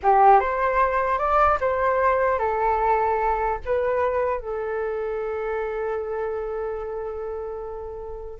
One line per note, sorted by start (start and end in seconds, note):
0.02 0.40 G4
0.40 1.18 C5
1.18 1.58 D5
1.60 2.38 C5
2.38 3.58 A4
3.65 4.40 B4
4.40 8.40 A4